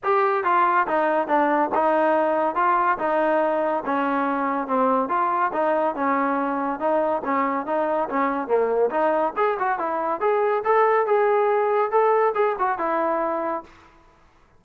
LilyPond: \new Staff \with { instrumentName = "trombone" } { \time 4/4 \tempo 4 = 141 g'4 f'4 dis'4 d'4 | dis'2 f'4 dis'4~ | dis'4 cis'2 c'4 | f'4 dis'4 cis'2 |
dis'4 cis'4 dis'4 cis'4 | ais4 dis'4 gis'8 fis'8 e'4 | gis'4 a'4 gis'2 | a'4 gis'8 fis'8 e'2 | }